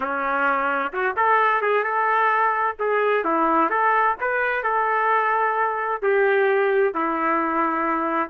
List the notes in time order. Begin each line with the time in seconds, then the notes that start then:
0.00 C#4
0.92 F#4
1.16 A4
1.61 G#4
1.83 A4
2.79 G#4
3.24 E4
3.70 A4
4.20 B4
4.63 A4
6.02 G4
6.94 E4